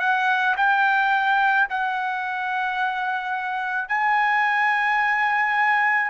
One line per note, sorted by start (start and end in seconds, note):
0.00 0.56 F#5
0.57 1.68 G5
1.70 3.89 F#5
3.89 6.11 G#5